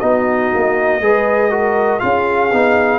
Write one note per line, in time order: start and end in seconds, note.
0.00 0.52 B3
0.00 1.01 D#4
0.00 1.02 F#4
0.00 2.00 D#5
0.54 1.00 A#3
1.00 2.00 G#3
1.00 1.51 G#4
1.00 1.51 B4
1.51 2.00 F#4
1.51 2.01 A#4
2.00 2.53 C#4
2.00 2.50 F4
2.00 2.99 G#4
2.00 2.99 F5
2.53 2.99 B3
2.53 2.99 D#4